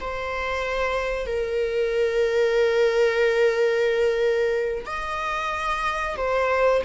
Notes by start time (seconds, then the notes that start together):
0.00 C5
1.26 A#4
4.86 D#5
6.17 C5